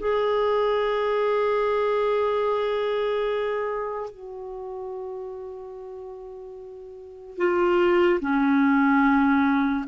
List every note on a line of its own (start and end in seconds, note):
0.00 4.11 G#4
4.11 7.37 F#4
7.37 8.20 F4
8.21 9.86 C#4